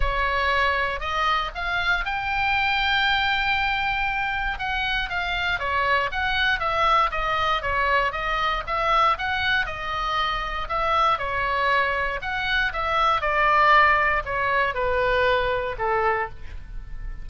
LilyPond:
\new Staff \with { instrumentName = "oboe" } { \time 4/4 \tempo 4 = 118 cis''2 dis''4 f''4 | g''1~ | g''4 fis''4 f''4 cis''4 | fis''4 e''4 dis''4 cis''4 |
dis''4 e''4 fis''4 dis''4~ | dis''4 e''4 cis''2 | fis''4 e''4 d''2 | cis''4 b'2 a'4 | }